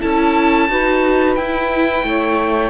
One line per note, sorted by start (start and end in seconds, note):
0.00 0.68 C#4
0.00 0.68 E4
0.00 0.68 A4
0.00 1.36 A5
0.68 1.36 D#4
0.68 1.37 F#4
0.68 2.07 B4
1.36 2.03 E4
1.36 2.70 E4
1.36 2.70 G5
2.03 2.70 A3
2.03 2.70 C#5